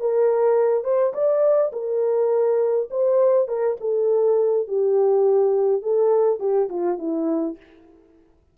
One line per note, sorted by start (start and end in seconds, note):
0.00 0.84 A#4
0.84 1.13 C5
1.14 1.72 D5
1.72 2.89 A#4
2.90 3.48 C5
3.48 3.77 A#4
3.80 4.68 A4
4.68 5.82 G4
5.82 6.40 A4
6.40 6.69 G4
6.69 6.98 F4
6.98 7.57 E4